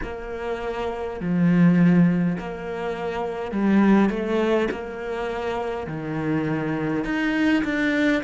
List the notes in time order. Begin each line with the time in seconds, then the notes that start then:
0.03 A#3
1.20 F3
2.39 A#3
3.51 G3
4.09 A3
4.71 A#3
5.86 D#3
7.04 D#4
7.64 D4